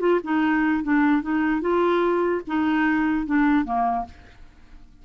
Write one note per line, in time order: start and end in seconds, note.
0.00 0.20 F4
0.24 0.83 D#4
0.83 1.22 D4
1.22 1.61 D#4
1.61 2.42 F4
2.47 3.26 D#4
3.26 3.65 D4
3.65 4.05 A#3